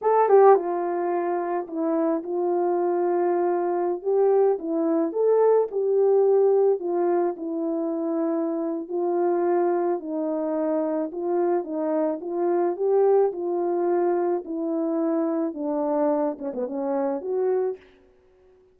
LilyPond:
\new Staff \with { instrumentName = "horn" } { \time 4/4 \tempo 4 = 108 a'8 g'8 f'2 e'4 | f'2.~ f'16 g'8.~ | g'16 e'4 a'4 g'4.~ g'16~ | g'16 f'4 e'2~ e'8. |
f'2 dis'2 | f'4 dis'4 f'4 g'4 | f'2 e'2 | d'4. cis'16 b16 cis'4 fis'4 | }